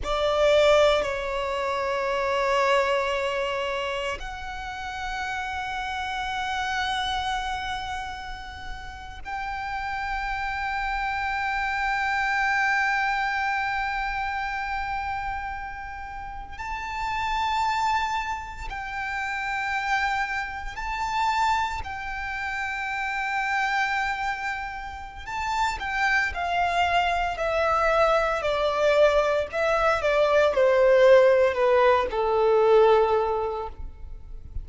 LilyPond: \new Staff \with { instrumentName = "violin" } { \time 4/4 \tempo 4 = 57 d''4 cis''2. | fis''1~ | fis''8. g''2.~ g''16~ | g''2.~ g''8. a''16~ |
a''4.~ a''16 g''2 a''16~ | a''8. g''2.~ g''16 | a''8 g''8 f''4 e''4 d''4 | e''8 d''8 c''4 b'8 a'4. | }